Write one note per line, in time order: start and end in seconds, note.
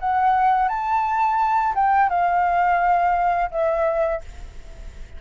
0.00 0.69 F#5
0.69 1.75 A5
1.75 2.10 G5
2.10 3.51 F5
3.51 4.22 E5